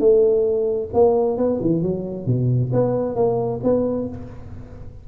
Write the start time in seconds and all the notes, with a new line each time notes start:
0.00 A3
0.94 A#3
1.38 B3
1.61 E3
1.83 F#3
2.27 B2
2.73 B3
3.16 A#3
3.64 B3